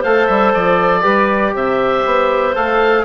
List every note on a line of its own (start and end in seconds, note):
0.00 0.29 A3
0.00 1.02 A4
0.00 1.01 C5
0.00 0.27 F5
0.27 0.54 G3
0.27 0.52 E5
0.54 1.05 F3
0.54 1.55 D5
1.02 1.54 G3
1.02 2.53 G4
1.02 1.53 B4
1.54 2.05 C3
1.54 3.05 C5
1.54 2.56 E5
2.05 2.56 B3
2.55 3.05 A3
2.55 3.05 A4
2.55 3.05 F5